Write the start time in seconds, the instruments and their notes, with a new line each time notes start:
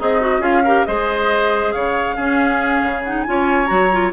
0.00 bassoon C4, oboe D#4, clarinet G#4, flute D#5
0.22 clarinet F#4
0.40 bassoon C#4, clarinet F4, oboe G#4, flute F5
0.64 clarinet G4, oboe A#4
0.86 bassoon G#3, clarinet G#4, oboe C5, flute D#5
1.72 bassoon C#3, oboe C#5, flute F5
2.16 bassoon C#4, clarinet C#4, oboe G#4
2.82 bassoon C#3
3.05 clarinet D#4, flute F#5
3.23 bassoon C#4, clarinet F4, flute G#5
3.31 oboe C#5
3.67 bassoon F#3, clarinet F#4, flute A#5
3.92 clarinet F4